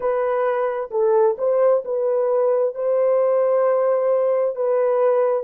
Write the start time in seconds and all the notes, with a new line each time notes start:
0.00 B4
0.90 A4
1.38 C5
1.84 B4
2.74 C5
4.55 B4